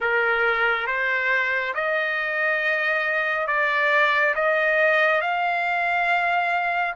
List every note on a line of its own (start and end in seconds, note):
0.00 0.87 A#4
0.87 1.74 C5
1.74 3.47 D#5
3.47 4.34 D5
4.35 5.21 D#5
5.21 6.94 F5